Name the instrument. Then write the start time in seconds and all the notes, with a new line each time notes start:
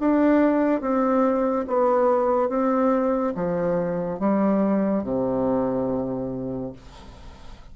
bassoon
0.00 D4
0.81 C4
1.67 B3
2.49 C4
3.35 F3
4.20 G3
5.04 C3